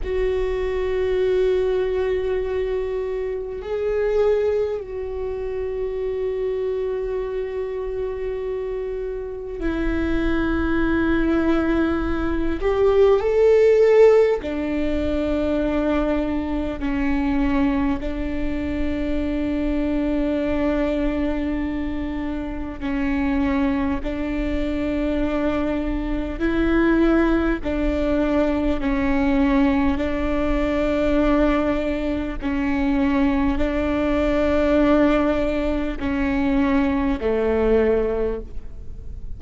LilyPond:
\new Staff \with { instrumentName = "viola" } { \time 4/4 \tempo 4 = 50 fis'2. gis'4 | fis'1 | e'2~ e'8 g'8 a'4 | d'2 cis'4 d'4~ |
d'2. cis'4 | d'2 e'4 d'4 | cis'4 d'2 cis'4 | d'2 cis'4 a4 | }